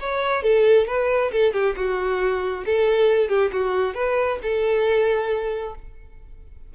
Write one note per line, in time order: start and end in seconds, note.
0.00 0.43 C#5
0.43 0.87 A4
0.87 1.31 B4
1.32 1.53 A4
1.53 1.75 G4
1.76 2.65 F#4
2.66 3.29 A4
3.29 3.51 G4
3.53 3.95 F#4
3.95 4.39 B4
4.42 5.75 A4